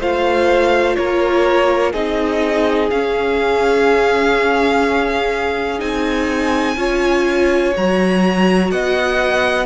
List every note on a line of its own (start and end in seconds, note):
0.00 0.97 A3
0.00 1.94 F4
0.00 0.97 C5
0.00 0.96 F5
0.96 1.94 A#3
0.96 1.92 A#4
0.96 1.93 C#5
1.92 2.91 C4
1.92 2.91 D#4
1.92 6.76 G#4
1.92 2.91 D#5
2.91 5.81 C#4
2.91 5.79 C#4
2.91 5.81 F5
5.79 6.77 C4
5.79 6.76 D#4
5.79 7.74 G#5
6.77 7.74 C#4
6.77 7.74 F4
6.77 8.72 C#5
7.76 8.72 F#3
7.76 9.66 F#4
7.76 8.71 A#5
8.71 9.66 B3
8.71 9.66 D#5
8.71 9.66 F#5